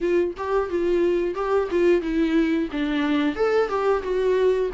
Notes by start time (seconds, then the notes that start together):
0.00 F4
0.37 G4
0.69 F4
1.35 G4
1.70 F4
2.01 E4
2.72 D4
3.35 A4
3.68 G4
4.02 F#4